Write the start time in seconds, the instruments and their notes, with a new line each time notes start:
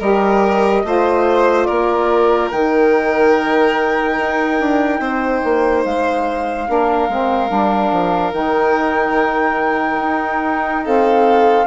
0.00 bassoon G3, saxophone G4, violin A#4, flute D#5
0.85 bassoon A3, saxophone F4, violin C5
1.65 bassoon A#3, violin A#4, flute D5
2.51 bassoon D#3, saxophone D#4, flute G5
4.19 bassoon D#4
4.61 bassoon D4
5.00 bassoon C4, violin C5
5.44 bassoon A#3
5.85 bassoon G#3, flute F5
6.67 bassoon A#3, saxophone D4, violin A#4
7.09 bassoon G#3, saxophone C4
7.49 bassoon G3, saxophone D4
7.92 bassoon F3
8.32 bassoon D#3, saxophone D#4, flute G5
10.01 bassoon D#4
10.84 saxophone C4, violin A4, flute F5